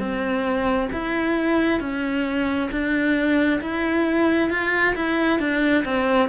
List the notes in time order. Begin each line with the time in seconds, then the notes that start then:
0.00 C4
0.93 E4
1.81 C#4
2.72 D4
3.62 E4
4.51 F4
4.96 E4
5.40 D4
5.85 C4